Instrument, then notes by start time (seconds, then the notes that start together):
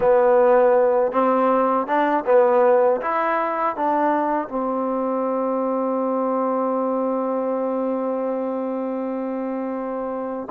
trombone
0.00 B3
1.12 C4
1.86 D4
2.25 B3
3.01 E4
3.76 D4
4.48 C4